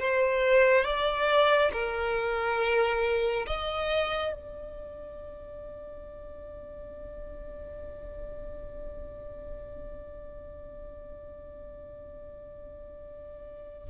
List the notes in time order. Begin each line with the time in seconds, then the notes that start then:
0.00 C5
0.85 D5
1.73 A#4
3.47 D#5
4.33 D5